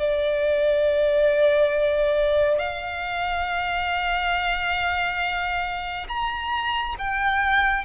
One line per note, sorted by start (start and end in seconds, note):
0.00 2.59 D5
2.59 6.07 F5
6.09 6.96 A#5
6.99 7.85 G5